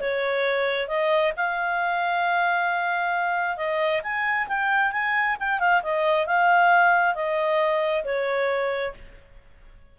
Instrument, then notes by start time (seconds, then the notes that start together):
clarinet
0.00 C#5
0.88 D#5
1.36 F5
3.57 D#5
4.03 G#5
4.48 G5
4.92 G#5
5.39 G5
5.59 F5
5.83 D#5
6.26 F5
7.15 D#5
8.04 C#5